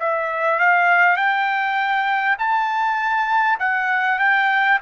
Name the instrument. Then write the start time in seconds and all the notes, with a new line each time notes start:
trumpet
0.00 E5
0.59 F5
1.17 G5
2.39 A5
3.59 F#5
4.19 G5